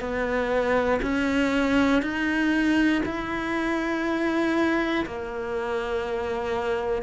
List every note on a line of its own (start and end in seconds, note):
0.00 1.00 B3
1.02 2.02 C#4
2.02 3.02 D#4
3.05 5.05 E4
5.06 7.02 A#3